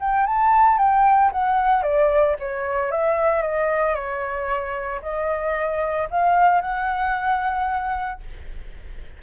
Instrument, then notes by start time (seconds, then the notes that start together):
flute
0.00 G5
0.27 A5
0.78 G5
1.32 F#5
1.83 D5
2.40 C#5
2.92 E5
3.42 D#5
3.95 C#5
5.02 D#5
6.11 F5
6.61 F#5